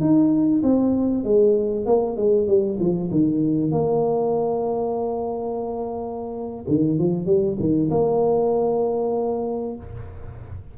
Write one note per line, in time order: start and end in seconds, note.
0.00 0.62 D#4
0.63 1.24 C4
1.24 1.86 G#3
1.86 2.16 A#3
2.16 2.47 G#3
2.47 2.78 G3
2.79 3.10 F3
3.11 3.71 D#3
3.71 6.65 A#3
6.68 6.98 D#3
6.98 7.26 F3
7.26 7.57 G3
7.59 7.90 D#3
7.90 9.76 A#3